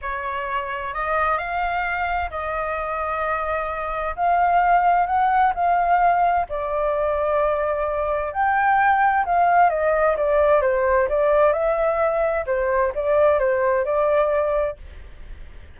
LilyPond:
\new Staff \with { instrumentName = "flute" } { \time 4/4 \tempo 4 = 130 cis''2 dis''4 f''4~ | f''4 dis''2.~ | dis''4 f''2 fis''4 | f''2 d''2~ |
d''2 g''2 | f''4 dis''4 d''4 c''4 | d''4 e''2 c''4 | d''4 c''4 d''2 | }